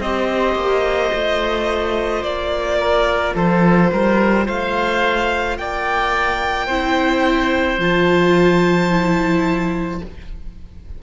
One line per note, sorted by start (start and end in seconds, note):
0.00 0.55 C4
0.00 1.13 G4
0.00 2.78 C5
0.00 2.23 D#5
0.55 1.11 A#3
1.13 2.23 A3
1.13 6.69 F4
2.23 3.34 A#3
2.23 3.34 D5
2.79 3.35 A#4
3.35 3.91 F3
3.35 3.91 A4
3.35 4.48 C5
3.92 4.48 G3
3.92 4.46 A#4
4.46 5.58 A3
4.46 5.57 C5
4.46 5.58 F5
5.58 6.68 A#3
5.58 6.67 D5
5.58 7.80 G5
6.67 7.79 C4
6.67 7.80 E4
6.67 10.00 C5
7.79 10.01 F3
7.79 8.90 F4
7.79 10.03 A5
8.90 10.01 E4